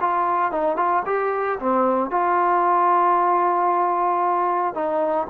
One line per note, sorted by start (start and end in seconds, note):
0.00 0.51 F4
0.51 0.76 D#4
0.76 1.03 F4
1.05 1.58 G4
1.59 2.10 C4
2.10 4.74 F4
4.74 5.27 D#4